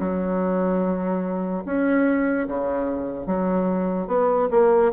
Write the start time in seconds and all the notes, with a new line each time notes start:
0.00 F#3
1.66 C#4
2.48 C#3
3.27 F#3
4.08 B3
4.51 A#3